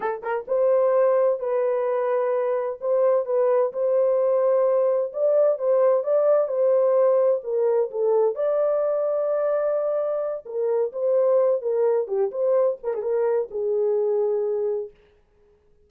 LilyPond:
\new Staff \with { instrumentName = "horn" } { \time 4/4 \tempo 4 = 129 a'8 ais'8 c''2 b'4~ | b'2 c''4 b'4 | c''2. d''4 | c''4 d''4 c''2 |
ais'4 a'4 d''2~ | d''2~ d''8 ais'4 c''8~ | c''4 ais'4 g'8 c''4 ais'16 gis'16 | ais'4 gis'2. | }